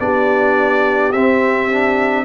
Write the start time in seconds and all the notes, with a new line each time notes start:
0.00 B3 D4 G4 D5
1.12 C4 E5
1.72 D4